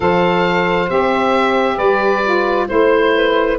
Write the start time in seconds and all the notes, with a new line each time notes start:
0.00 F3 A4 C5 F5
0.88 C4 G4 E5
1.76 G3 B4 D5
2.24 F4
2.68 A3 E4 C5
3.15 B4